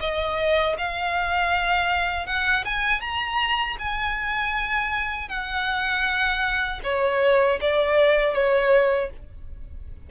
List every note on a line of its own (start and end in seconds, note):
0.00 0.76 D#5
0.78 2.26 F5
2.26 2.64 F#5
2.65 3.01 G#5
3.01 3.77 A#5
3.79 5.29 G#5
5.29 6.80 F#5
6.83 7.59 C#5
7.61 8.34 D5
8.34 9.10 C#5